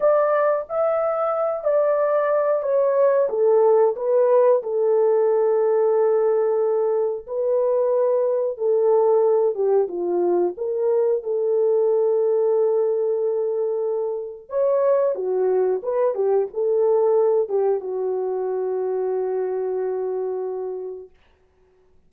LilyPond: \new Staff \with { instrumentName = "horn" } { \time 4/4 \tempo 4 = 91 d''4 e''4. d''4. | cis''4 a'4 b'4 a'4~ | a'2. b'4~ | b'4 a'4. g'8 f'4 |
ais'4 a'2.~ | a'2 cis''4 fis'4 | b'8 g'8 a'4. g'8 fis'4~ | fis'1 | }